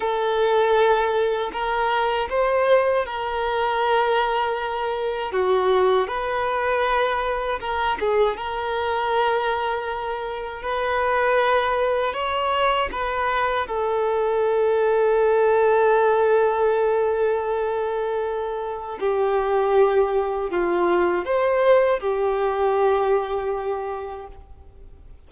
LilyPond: \new Staff \with { instrumentName = "violin" } { \time 4/4 \tempo 4 = 79 a'2 ais'4 c''4 | ais'2. fis'4 | b'2 ais'8 gis'8 ais'4~ | ais'2 b'2 |
cis''4 b'4 a'2~ | a'1~ | a'4 g'2 f'4 | c''4 g'2. | }